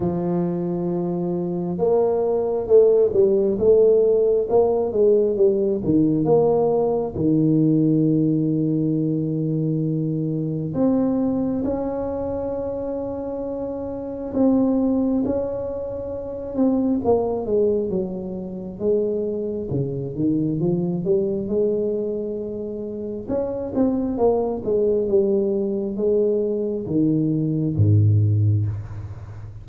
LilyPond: \new Staff \with { instrumentName = "tuba" } { \time 4/4 \tempo 4 = 67 f2 ais4 a8 g8 | a4 ais8 gis8 g8 dis8 ais4 | dis1 | c'4 cis'2. |
c'4 cis'4. c'8 ais8 gis8 | fis4 gis4 cis8 dis8 f8 g8 | gis2 cis'8 c'8 ais8 gis8 | g4 gis4 dis4 gis,4 | }